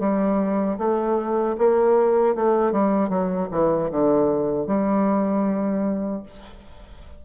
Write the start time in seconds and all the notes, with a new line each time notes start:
0.00 G3
0.78 A3
1.58 A#3
2.36 A3
2.72 G3
3.09 F#3
3.51 E3
3.91 D3
4.67 G3